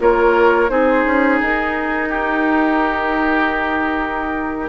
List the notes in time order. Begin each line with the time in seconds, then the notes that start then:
0.00 A#3 F4 A#4 C#5
0.69 C4 D#4 G#4 C5
1.05 C#4
1.41 D#4 A#4
2.09 G4